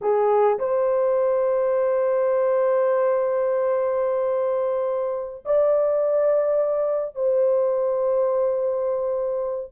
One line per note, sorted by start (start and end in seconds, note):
0.01 0.58 G#4
0.58 5.44 C5
5.45 7.15 D5
7.15 9.72 C5